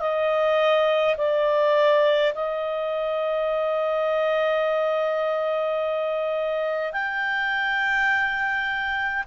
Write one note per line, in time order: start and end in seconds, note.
0.00 1.15 D#5
1.18 2.33 D5
2.35 6.93 D#5
6.93 9.24 G5